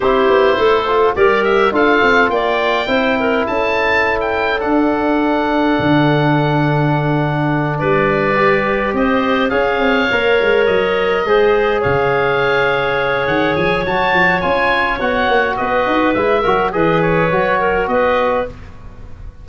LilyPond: <<
  \new Staff \with { instrumentName = "oboe" } { \time 4/4 \tempo 4 = 104 c''2 d''8 e''8 f''4 | g''2 a''4~ a''16 g''8. | fis''1~ | fis''4. d''2 dis''8~ |
dis''8 f''2 dis''4.~ | dis''8 f''2~ f''8 fis''8 gis''8 | a''4 gis''4 fis''4 dis''4 | e''4 dis''8 cis''4. dis''4 | }
  \new Staff \with { instrumentName = "clarinet" } { \time 4/4 g'4 a'4 ais'4 a'4 | d''4 c''8 ais'8 a'2~ | a'1~ | a'4. b'2 c''8~ |
c''8 cis''2. c''8~ | c''8 cis''2.~ cis''8~ | cis''2. b'4~ | b'8 ais'8 b'4. ais'8 b'4 | }
  \new Staff \with { instrumentName = "trombone" } { \time 4/4 e'4. f'8 g'4 f'4~ | f'4 e'2. | d'1~ | d'2~ d'8 g'4.~ |
g'8 gis'4 ais'2 gis'8~ | gis'1 | fis'4 f'4 fis'2 | e'8 fis'8 gis'4 fis'2 | }
  \new Staff \with { instrumentName = "tuba" } { \time 4/4 c'8 b8 a4 g4 d'8 c'8 | ais4 c'4 cis'2 | d'2 d2~ | d4. g2 c'8~ |
c'8 cis'8 c'8 ais8 gis8 fis4 gis8~ | gis8 cis2~ cis8 dis8 f8 | fis8 f8 cis'4 b8 ais8 b8 dis'8 | gis8 fis8 e4 fis4 b4 | }
>>